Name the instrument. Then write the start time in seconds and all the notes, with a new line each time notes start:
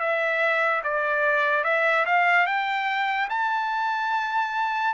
trumpet
0.00 E5
0.84 D5
1.64 E5
2.06 F5
2.47 G5
3.30 A5